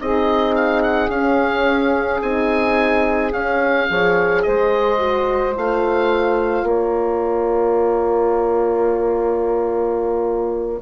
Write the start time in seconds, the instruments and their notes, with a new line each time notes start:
0.00 bassoon C4, horn D#4, saxophone G#4, oboe D#5
0.55 oboe F5
0.82 oboe F#5
1.09 bassoon C#4, horn C#4, oboe F5
2.21 bassoon C4, horn D#4, oboe G#5
3.32 bassoon C#4, horn C#4, oboe F5
3.87 bassoon F3, horn G#4, saxophone C#5
4.42 bassoon G#3, saxophone C5, oboe D#5
4.98 horn F#4
5.55 bassoon A3, horn F4, oboe F5
6.63 bassoon A#3, saxophone A#4, oboe C#5